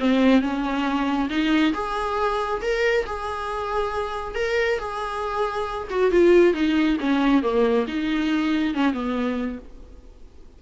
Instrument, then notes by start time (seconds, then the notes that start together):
viola
0.00 C4
0.41 C#4
1.30 D#4
1.74 G#4
2.62 A#4
3.06 G#4
4.35 A#4
4.79 G#4
5.90 F#4
6.11 F4
6.54 D#4
7.00 C#4
7.43 A#3
7.88 D#4
8.75 C#4
8.93 B3